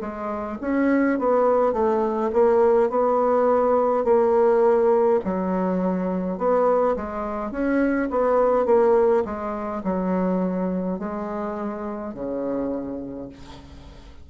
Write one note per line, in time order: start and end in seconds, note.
0.00 0.58 G#3
0.61 1.19 C#4
1.19 1.73 B3
1.73 2.30 A3
2.32 2.90 A#3
2.90 4.04 B3
4.04 5.20 A#3
5.24 6.38 F#3
6.38 6.95 B3
6.96 7.51 G#3
7.51 8.09 C#4
8.10 8.65 B3
8.65 9.23 A#3
9.25 9.82 G#3
9.83 10.98 F#3
10.98 12.14 G#3
12.14 13.29 C#3